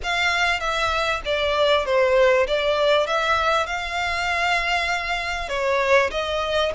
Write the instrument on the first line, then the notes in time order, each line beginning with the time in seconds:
violin
0.03 F5
0.60 E5
1.25 D5
1.85 C5
2.47 D5
3.06 E5
3.66 F5
5.49 C#5
6.11 D#5